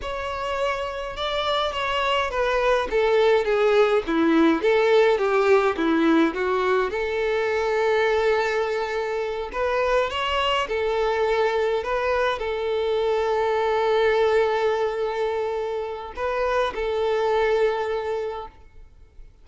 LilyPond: \new Staff \with { instrumentName = "violin" } { \time 4/4 \tempo 4 = 104 cis''2 d''4 cis''4 | b'4 a'4 gis'4 e'4 | a'4 g'4 e'4 fis'4 | a'1~ |
a'8 b'4 cis''4 a'4.~ | a'8 b'4 a'2~ a'8~ | a'1 | b'4 a'2. | }